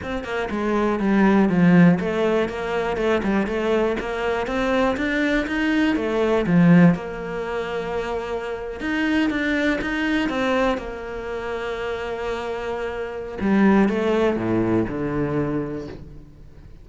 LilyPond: \new Staff \with { instrumentName = "cello" } { \time 4/4 \tempo 4 = 121 c'8 ais8 gis4 g4 f4 | a4 ais4 a8 g8 a4 | ais4 c'4 d'4 dis'4 | a4 f4 ais2~ |
ais4.~ ais16 dis'4 d'4 dis'16~ | dis'8. c'4 ais2~ ais16~ | ais2. g4 | a4 a,4 d2 | }